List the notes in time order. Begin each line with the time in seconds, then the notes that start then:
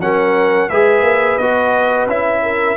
0.00 F#3 C#4 A#4 F#5
0.69 G#3 G#4 B4 E5
1.02 A#3
1.38 B3 F#4 D#5
2.07 C#4 E4 E5
2.43 A#4